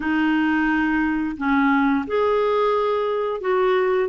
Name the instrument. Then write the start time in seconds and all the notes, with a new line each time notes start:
clarinet
0.00 D#4
1.37 C#4
2.06 G#4
3.41 F#4